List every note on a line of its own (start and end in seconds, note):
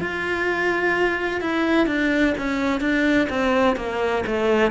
0.00 1.41 F4
1.41 1.87 E4
1.87 2.34 D4
2.38 2.81 C#4
2.81 3.29 D4
3.29 3.76 C4
3.76 4.24 A#3
4.27 4.71 A3